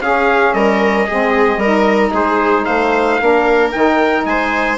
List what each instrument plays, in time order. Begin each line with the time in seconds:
0.00 bassoon C#4, saxophone C#4, viola G#4, trumpet F5
0.53 bassoon G3, viola A#4, trumpet D#5
1.06 bassoon G#3, saxophone C4, viola G#4
1.57 bassoon G3, viola A#4
1.63 saxophone D#4
2.13 bassoon G#3, viola G#4, trumpet C5
2.65 bassoon A3, viola C5, trumpet F5
3.20 bassoon A#3, saxophone D4, viola A#4
3.71 bassoon D#3, saxophone D#4, trumpet G5
4.25 bassoon G#3, viola C5, trumpet G#5